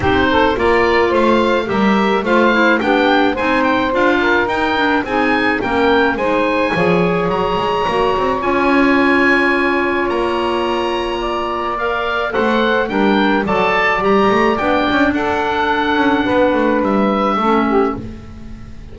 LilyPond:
<<
  \new Staff \with { instrumentName = "oboe" } { \time 4/4 \tempo 4 = 107 c''4 d''4 f''4 e''4 | f''4 g''4 gis''8 g''8 f''4 | g''4 gis''4 g''4 gis''4~ | gis''4 ais''2 gis''4~ |
gis''2 ais''2~ | ais''4 f''4 fis''4 g''4 | a''4 ais''4 g''4 fis''4~ | fis''2 e''2 | }
  \new Staff \with { instrumentName = "saxophone" } { \time 4/4 g'8 a'8 ais'4 c''4 ais'4 | c''4 g'4 c''4. ais'8~ | ais'4 gis'4 ais'4 c''4 | cis''1~ |
cis''1 | d''2 c''4 ais'4 | d''2. a'4~ | a'4 b'2 a'8 g'8 | }
  \new Staff \with { instrumentName = "clarinet" } { \time 4/4 dis'4 f'2 g'4 | f'8 e'8 d'4 dis'4 f'4 | dis'8 d'8 dis'4 cis'4 dis'4 | gis'2 fis'4 f'4~ |
f'1~ | f'4 ais'4 a'4 d'4 | a'4 g'4 d'2~ | d'2. cis'4 | }
  \new Staff \with { instrumentName = "double bass" } { \time 4/4 c'4 ais4 a4 g4 | a4 b4 c'4 d'4 | dis'4 c'4 ais4 gis4 | f4 fis8 gis8 ais8 c'8 cis'4~ |
cis'2 ais2~ | ais2 a4 g4 | fis4 g8 a8 b8 cis'8 d'4~ | d'8 cis'8 b8 a8 g4 a4 | }
>>